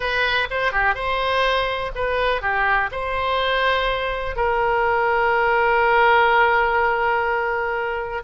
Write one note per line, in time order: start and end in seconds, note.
0.00 0.48 B4
0.50 0.72 C5
0.72 0.94 G4
0.94 1.91 C5
1.95 2.41 B4
2.41 2.90 G4
2.91 4.36 C5
4.36 8.23 A#4